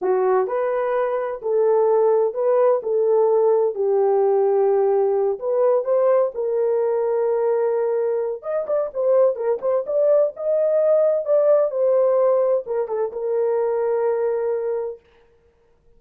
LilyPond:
\new Staff \with { instrumentName = "horn" } { \time 4/4 \tempo 4 = 128 fis'4 b'2 a'4~ | a'4 b'4 a'2 | g'2.~ g'8 b'8~ | b'8 c''4 ais'2~ ais'8~ |
ais'2 dis''8 d''8 c''4 | ais'8 c''8 d''4 dis''2 | d''4 c''2 ais'8 a'8 | ais'1 | }